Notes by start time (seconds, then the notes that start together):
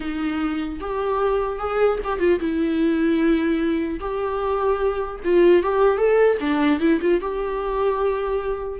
0.00 D#4
0.80 G4
1.58 G#4
2.03 G4
2.19 F4
2.39 E4
4.00 G4
5.24 F4
5.62 G4
5.97 A4
6.40 D4
6.79 E4
7.01 F4
7.20 G4